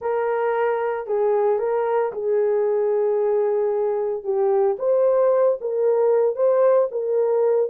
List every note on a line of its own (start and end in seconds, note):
0.01 1.06 A#4
1.06 1.58 G#4
1.58 2.11 A#4
2.12 4.23 G#4
4.23 4.76 G4
4.79 5.58 C5
5.60 6.35 A#4
6.35 6.88 C5
6.91 7.70 A#4